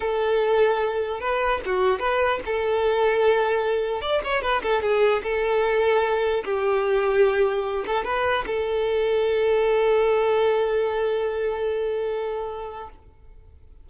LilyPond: \new Staff \with { instrumentName = "violin" } { \time 4/4 \tempo 4 = 149 a'2. b'4 | fis'4 b'4 a'2~ | a'2 d''8 cis''8 b'8 a'8 | gis'4 a'2. |
g'2.~ g'8 a'8 | b'4 a'2.~ | a'1~ | a'1 | }